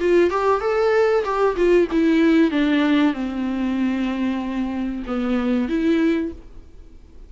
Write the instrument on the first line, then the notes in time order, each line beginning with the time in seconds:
viola
0.00 F4
0.30 G4
0.61 A4
1.24 G4
1.56 F4
1.91 E4
2.51 D4
3.13 C4
5.06 B3
5.69 E4